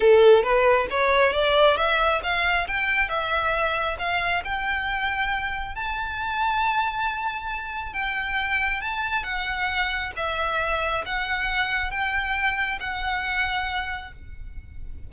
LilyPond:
\new Staff \with { instrumentName = "violin" } { \time 4/4 \tempo 4 = 136 a'4 b'4 cis''4 d''4 | e''4 f''4 g''4 e''4~ | e''4 f''4 g''2~ | g''4 a''2.~ |
a''2 g''2 | a''4 fis''2 e''4~ | e''4 fis''2 g''4~ | g''4 fis''2. | }